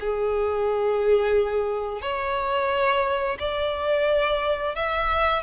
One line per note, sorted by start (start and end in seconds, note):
0.00 2.01 G#4
2.01 3.38 C#5
3.39 4.75 D5
4.75 5.42 E5